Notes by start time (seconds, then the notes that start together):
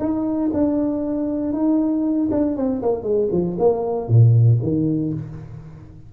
0.00 D#4
0.53 D4
1.53 D#4
2.31 D4
2.57 C4
2.82 A#3
3.03 G#3
3.32 F3
3.59 A#3
4.08 A#2
4.63 D#3